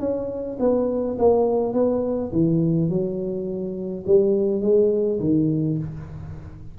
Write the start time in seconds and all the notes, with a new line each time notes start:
0.00 C#4
0.60 B3
1.19 A#3
1.74 B3
2.33 E3
2.90 F#3
4.06 G3
4.62 G#3
5.20 D#3